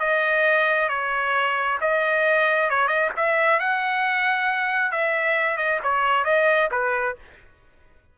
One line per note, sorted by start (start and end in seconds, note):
0.00 0.89 D#5
0.89 1.79 C#5
1.81 2.70 D#5
2.70 2.88 C#5
2.88 3.11 D#5
3.17 3.60 E5
3.60 4.92 F#5
4.92 5.57 E5
5.57 5.80 D#5
5.84 6.25 C#5
6.25 6.69 D#5
6.72 7.16 B4